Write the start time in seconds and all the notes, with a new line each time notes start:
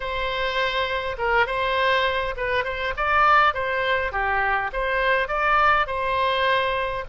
0.00 C5
1.18 A#4
1.46 C5
2.37 B4
2.64 C5
2.96 D5
3.53 C5
4.12 G4
4.72 C5
5.28 D5
5.86 C5